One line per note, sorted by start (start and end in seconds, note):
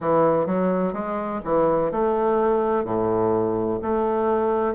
0.00 0.46 E3
0.46 0.93 F#3
0.93 1.40 G#3
1.44 1.91 E3
1.91 2.84 A3
2.84 3.79 A2
3.81 4.74 A3